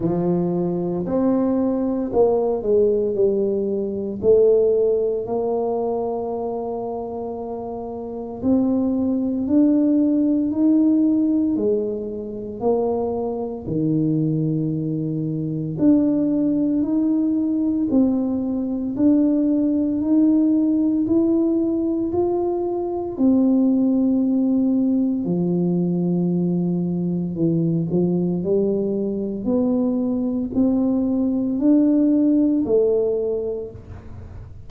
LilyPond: \new Staff \with { instrumentName = "tuba" } { \time 4/4 \tempo 4 = 57 f4 c'4 ais8 gis8 g4 | a4 ais2. | c'4 d'4 dis'4 gis4 | ais4 dis2 d'4 |
dis'4 c'4 d'4 dis'4 | e'4 f'4 c'2 | f2 e8 f8 g4 | b4 c'4 d'4 a4 | }